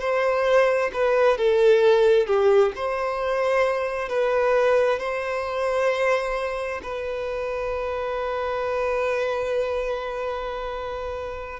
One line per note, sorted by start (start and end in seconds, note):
0.00 0.91 C5
0.93 1.38 B4
1.38 2.27 A4
2.27 2.73 G4
2.76 4.09 C5
4.09 5.00 B4
5.00 6.81 C5
6.83 11.60 B4